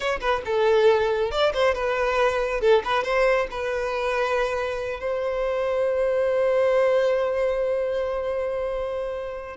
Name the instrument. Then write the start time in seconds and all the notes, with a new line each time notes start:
violin
0.00 C#5
0.20 B4
0.45 A4
1.31 D5
1.53 C5
1.74 B4
2.61 A4
2.84 B4
3.03 C5
3.51 B4
5.00 C5